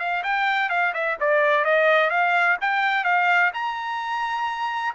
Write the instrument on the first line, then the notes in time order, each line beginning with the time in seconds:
trumpet
0.00 F5
0.24 G5
0.70 F5
0.94 E5
1.21 D5
1.65 D#5
2.11 F5
2.61 G5
3.05 F5
3.54 A#5